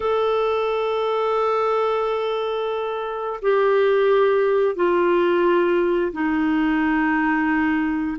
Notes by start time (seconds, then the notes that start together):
0.00 A4
3.42 G4
4.75 F4
6.12 D#4